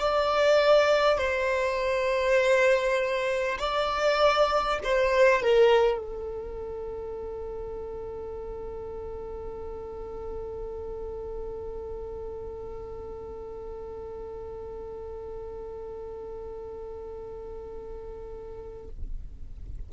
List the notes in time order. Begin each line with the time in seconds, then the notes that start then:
0.00 D5
1.18 C5
3.59 D5
4.84 C5
5.42 A#4
5.99 A4